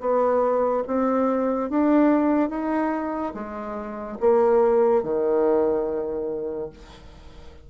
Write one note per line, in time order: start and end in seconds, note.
0.00 0.83 B3
0.87 1.70 C4
1.70 2.50 D4
2.50 3.33 D#4
3.34 4.18 G#3
4.20 5.03 A#3
5.03 6.70 D#3